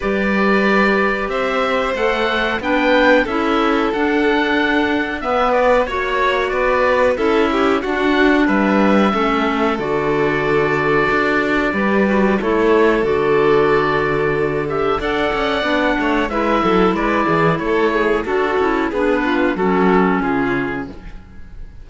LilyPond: <<
  \new Staff \with { instrumentName = "oboe" } { \time 4/4 \tempo 4 = 92 d''2 e''4 fis''4 | g''4 e''4 fis''2 | e''8 d''8 cis''4 d''4 e''4 | fis''4 e''2 d''4~ |
d''2. cis''4 | d''2~ d''8 e''8 fis''4~ | fis''4 e''4 d''4 cis''4 | a'4 b'4 a'4 gis'4 | }
  \new Staff \with { instrumentName = "violin" } { \time 4/4 b'2 c''2 | b'4 a'2. | b'4 cis''4 b'4 a'8 g'8 | fis'4 b'4 a'2~ |
a'2 b'4 a'4~ | a'2. d''4~ | d''8 cis''8 b'8 a'8 b'8 gis'8 a'8 gis'8 | fis'4 gis'8 f'8 fis'4 f'4 | }
  \new Staff \with { instrumentName = "clarinet" } { \time 4/4 g'2. a'4 | d'4 e'4 d'2 | b4 fis'2 e'4 | d'2 cis'4 fis'4~ |
fis'2 g'8 fis'8 e'4 | fis'2~ fis'8 g'8 a'4 | d'4 e'2. | fis'8 e'8 d'4 cis'2 | }
  \new Staff \with { instrumentName = "cello" } { \time 4/4 g2 c'4 a4 | b4 cis'4 d'2 | b4 ais4 b4 cis'4 | d'4 g4 a4 d4~ |
d4 d'4 g4 a4 | d2. d'8 cis'8 | b8 a8 gis8 fis8 gis8 e8 a4 | d'8 cis'8 b4 fis4 cis4 | }
>>